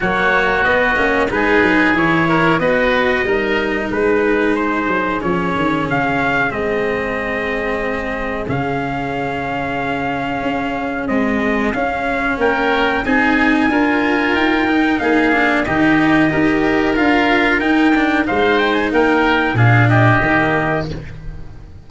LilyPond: <<
  \new Staff \with { instrumentName = "trumpet" } { \time 4/4 \tempo 4 = 92 cis''4 dis''4 b'4 cis''4 | dis''2 b'4 c''4 | cis''4 f''4 dis''2~ | dis''4 f''2.~ |
f''4 dis''4 f''4 g''4 | gis''2 g''4 f''4 | dis''2 f''4 g''4 | f''8 g''16 gis''16 g''4 f''8 dis''4. | }
  \new Staff \with { instrumentName = "oboe" } { \time 4/4 fis'2 gis'4. ais'8 | b'4 ais'4 gis'2~ | gis'1~ | gis'1~ |
gis'2. ais'4 | gis'4 ais'2 gis'4 | g'4 ais'2. | c''4 ais'4 gis'8 g'4. | }
  \new Staff \with { instrumentName = "cello" } { \time 4/4 ais4 b8 cis'8 dis'4 e'4 | fis'4 dis'2. | cis'2 c'2~ | c'4 cis'2.~ |
cis'4 gis4 cis'2 | dis'4 f'4. dis'4 d'8 | dis'4 g'4 f'4 dis'8 d'8 | dis'2 d'4 ais4 | }
  \new Staff \with { instrumentName = "tuba" } { \time 4/4 fis4 b8 ais8 gis8 fis8 e4 | b4 g4 gis4. fis8 | f8 dis8 cis4 gis2~ | gis4 cis2. |
cis'4 c'4 cis'4 ais4 | c'4 d'4 dis'4 ais4 | dis4 dis'4 d'4 dis'4 | gis4 ais4 ais,4 dis4 | }
>>